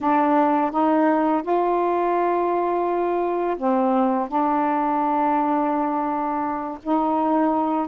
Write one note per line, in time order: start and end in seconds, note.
0.01 0.71 D4
0.71 1.42 D#4
1.42 3.56 F4
3.57 4.28 C4
4.28 6.78 D4
6.82 7.87 D#4